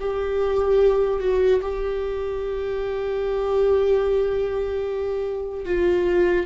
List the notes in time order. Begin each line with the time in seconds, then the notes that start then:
0.00 G4
1.21 F#4
1.62 G4
5.65 F4